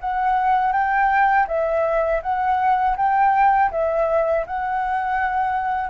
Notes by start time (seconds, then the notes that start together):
0.00 F#5
0.72 G5
1.47 E5
2.22 F#5
2.97 G5
3.71 E5
4.46 F#5